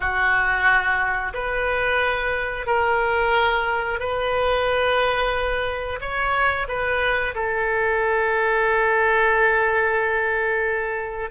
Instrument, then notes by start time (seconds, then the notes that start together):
oboe
0.00 F#4
1.33 B4
2.66 A#4
3.99 B4
6.00 C#5
6.68 B4
7.34 A4